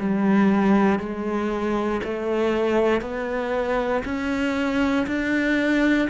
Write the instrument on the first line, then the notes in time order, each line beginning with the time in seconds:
cello
0.00 G3
0.99 G#3
2.04 A3
3.01 B3
4.05 C#4
5.07 D4